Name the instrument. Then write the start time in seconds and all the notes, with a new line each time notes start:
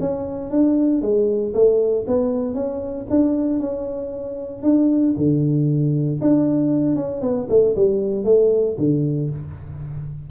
tuba
0.00 C#4
0.51 D4
1.02 G#3
1.54 A3
2.07 B3
2.55 C#4
3.10 D4
3.60 C#4
4.63 D4
5.17 D3
6.21 D4
6.96 C#4
7.21 B3
7.49 A3
7.76 G3
8.25 A3
8.78 D3